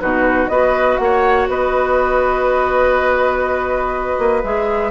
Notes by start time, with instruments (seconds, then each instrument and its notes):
0.00 bassoon B2, clarinet D#4, oboe F#4, flute B4
0.48 bassoon B3, clarinet F#4, oboe B4, flute D#5
0.97 bassoon A#3, flute F#5
1.03 oboe C#5
1.48 bassoon B3, oboe B4, flute D#5
4.18 bassoon A#3
4.44 bassoon G#3, clarinet G#4, flute E5